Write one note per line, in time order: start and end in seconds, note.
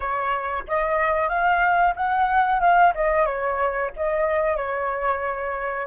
0.00 0.64 C#5
0.67 1.28 D#5
1.28 1.94 F5
1.96 2.60 F#5
2.60 2.93 F5
2.94 3.25 D#5
3.25 3.90 C#5
3.96 4.56 D#5
4.56 5.86 C#5